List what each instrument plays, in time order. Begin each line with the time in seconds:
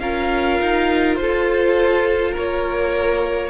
0.00 cello C#4, viola F4, violin A#4 F5
0.61 cello D#4
1.15 cello F4, violin A4 C5
2.31 violin A#4 C#5
2.37 cello A#3